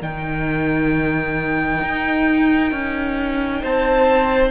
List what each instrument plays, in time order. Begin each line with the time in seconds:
0.00 cello D#3, viola D#4, violin A#4 G5
1.82 cello D#4
2.72 cello C#4
3.62 cello C4, violin C5 A5